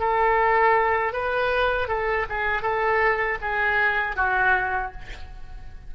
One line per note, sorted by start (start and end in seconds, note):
0.00 1.13 A4
1.13 1.88 B4
1.88 2.26 A4
2.29 2.62 G#4
2.62 3.38 A4
3.41 4.16 G#4
4.16 4.92 F#4